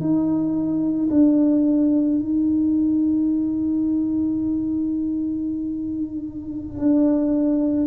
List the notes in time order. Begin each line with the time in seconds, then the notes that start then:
0.00 D#4
1.11 D4
2.19 D#4
6.78 D4